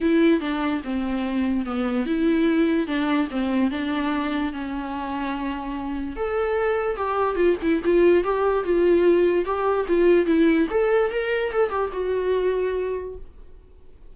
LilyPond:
\new Staff \with { instrumentName = "viola" } { \time 4/4 \tempo 4 = 146 e'4 d'4 c'2 | b4 e'2 d'4 | c'4 d'2 cis'4~ | cis'2. a'4~ |
a'4 g'4 f'8 e'8 f'4 | g'4 f'2 g'4 | f'4 e'4 a'4 ais'4 | a'8 g'8 fis'2. | }